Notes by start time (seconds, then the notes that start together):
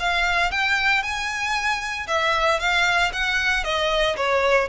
0.00 F5
0.51 G5
1.03 G#5
2.08 E5
2.60 F5
3.13 F#5
3.64 D#5
4.16 C#5